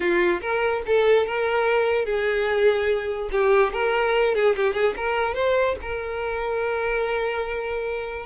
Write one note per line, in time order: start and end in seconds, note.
0.00 0.40 F4
0.41 0.82 A#4
0.86 1.26 A4
1.26 2.05 A#4
2.05 3.29 G#4
3.31 3.72 G4
3.72 4.34 A#4
4.34 4.55 G#4
4.55 4.73 G4
4.73 4.94 G#4
4.96 5.34 A#4
5.34 5.75 C5
5.81 8.26 A#4